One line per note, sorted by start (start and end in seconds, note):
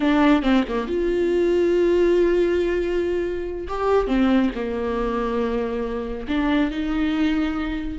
0.00 0.42 D4
0.42 0.64 C4
0.68 0.87 A#3
0.87 3.67 F4
3.68 4.07 G4
4.07 4.50 C4
4.54 6.27 A#3
6.27 6.71 D4
6.71 7.98 D#4